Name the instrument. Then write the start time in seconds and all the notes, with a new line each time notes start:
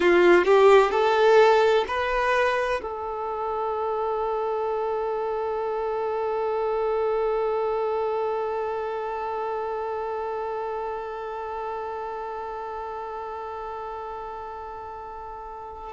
violin
0.00 F4
0.45 G4
0.91 A4
1.87 B4
2.81 A4